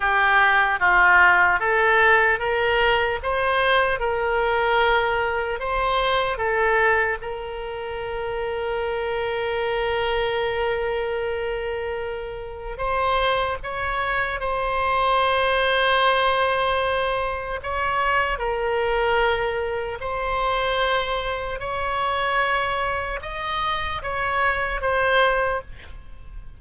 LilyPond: \new Staff \with { instrumentName = "oboe" } { \time 4/4 \tempo 4 = 75 g'4 f'4 a'4 ais'4 | c''4 ais'2 c''4 | a'4 ais'2.~ | ais'1 |
c''4 cis''4 c''2~ | c''2 cis''4 ais'4~ | ais'4 c''2 cis''4~ | cis''4 dis''4 cis''4 c''4 | }